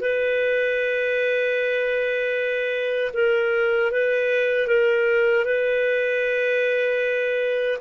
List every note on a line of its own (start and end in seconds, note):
0.00 3.12 B4
3.13 3.91 A#4
3.91 4.67 B4
4.67 5.45 A#4
5.45 7.79 B4